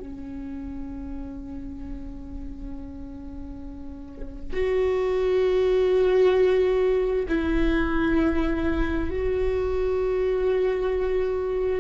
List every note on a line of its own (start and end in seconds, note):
0.00 4.53 C#4
4.53 7.26 F#4
7.29 9.10 E4
9.10 11.81 F#4